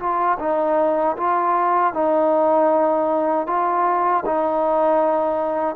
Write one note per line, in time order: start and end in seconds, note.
0.00 0.38 F4
0.40 1.16 D#4
1.17 1.94 F4
1.94 3.47 D#4
3.47 4.24 F4
4.26 5.76 D#4